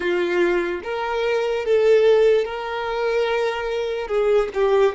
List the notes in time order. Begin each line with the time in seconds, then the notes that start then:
0.00 F4
0.83 A#4
1.65 A4
2.44 A#4
4.07 G#4
4.54 G4